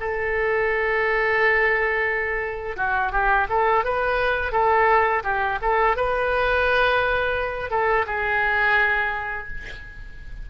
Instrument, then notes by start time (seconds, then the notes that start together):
oboe
0.00 A4
2.77 F#4
3.12 G4
3.49 A4
3.85 B4
4.52 A4
5.24 G4
5.62 A4
5.96 B4
7.71 A4
8.07 G#4